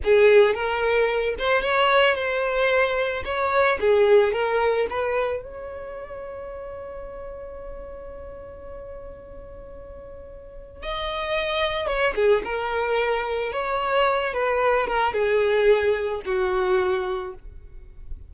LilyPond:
\new Staff \with { instrumentName = "violin" } { \time 4/4 \tempo 4 = 111 gis'4 ais'4. c''8 cis''4 | c''2 cis''4 gis'4 | ais'4 b'4 cis''2~ | cis''1~ |
cis''1 | dis''2 cis''8 gis'8 ais'4~ | ais'4 cis''4. b'4 ais'8 | gis'2 fis'2 | }